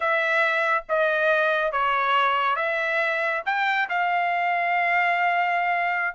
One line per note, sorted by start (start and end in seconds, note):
0.00 0.84 E5
0.88 1.72 D#5
1.72 2.56 C#5
2.56 3.42 E5
3.45 3.88 G5
3.89 6.15 F5